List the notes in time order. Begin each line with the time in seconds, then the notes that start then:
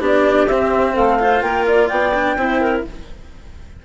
0.00 B3 D4 G4 D5
0.47 C4 E5
0.93 A3 A4 F5
1.19 F4 C5
1.42 A#3 A#4 G5
1.67 D5
1.88 B3 D5 G5
2.14 D4
2.36 C4 E4 C5
2.61 A#4